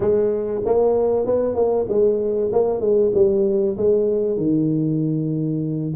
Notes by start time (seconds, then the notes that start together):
0.00 G#3
0.65 A#3
1.26 B3
1.55 A#3
1.88 G#3
2.52 A#3
2.80 G#3
3.14 G3
3.77 G#3
4.37 D#3